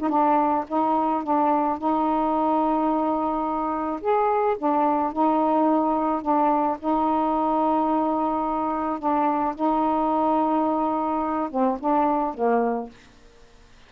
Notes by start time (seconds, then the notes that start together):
0.00 D#4
0.09 D4
0.68 D#4
1.24 D4
1.79 D#4
4.02 G#4
4.58 D4
5.13 D#4
6.22 D4
6.80 D#4
8.99 D4
9.55 D#4
11.51 C4
11.80 D4
12.35 A#3